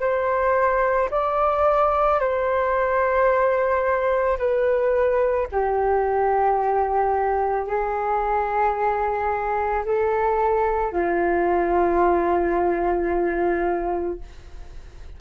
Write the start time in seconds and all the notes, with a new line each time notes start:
0.00 C5
1.11 D5
2.20 C5
4.38 B4
5.52 G4
7.67 G#4
9.85 A4
10.92 F4